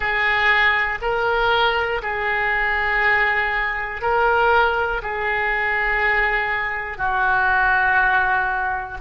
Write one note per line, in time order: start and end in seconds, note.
0.00 0.99 G#4
1.01 2.01 A#4
2.02 4.01 G#4
4.01 5.01 A#4
5.02 6.97 G#4
6.97 8.97 F#4